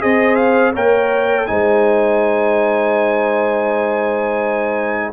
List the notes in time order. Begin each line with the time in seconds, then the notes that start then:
0.00 C4 G#4 C5 D#5
0.35 F5
0.73 A#3 A#4 C#5 G5
1.46 G#3 D#4 C5 G#5